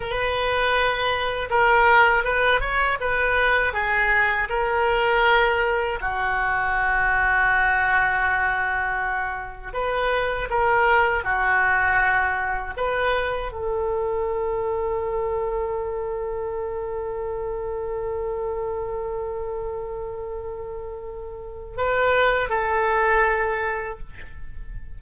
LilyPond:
\new Staff \with { instrumentName = "oboe" } { \time 4/4 \tempo 4 = 80 b'2 ais'4 b'8 cis''8 | b'4 gis'4 ais'2 | fis'1~ | fis'4 b'4 ais'4 fis'4~ |
fis'4 b'4 a'2~ | a'1~ | a'1~ | a'4 b'4 a'2 | }